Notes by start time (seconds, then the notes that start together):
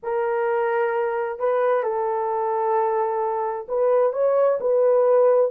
0.02 A#4
1.39 B4
1.83 A4
3.68 B4
4.12 C#5
4.60 B4